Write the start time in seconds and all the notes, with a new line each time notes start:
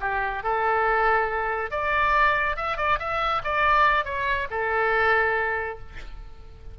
0.00 G4
0.43 A4
1.70 D5
2.56 E5
2.77 D5
2.99 E5
3.43 D5
4.04 C#5
4.50 A4